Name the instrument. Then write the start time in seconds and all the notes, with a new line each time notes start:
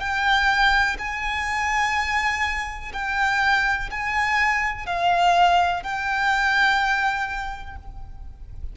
violin
0.00 G5
0.99 G#5
2.93 G5
3.91 G#5
4.86 F5
5.83 G5